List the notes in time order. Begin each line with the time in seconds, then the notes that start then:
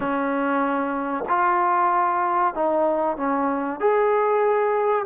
0.00 C#4
1.29 F4
2.54 D#4
3.17 C#4
3.80 G#4